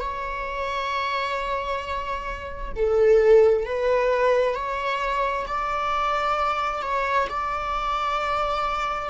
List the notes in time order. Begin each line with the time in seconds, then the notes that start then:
0.00 C#5
2.76 A4
3.66 B4
4.55 C#5
5.48 D5
6.82 C#5
7.30 D5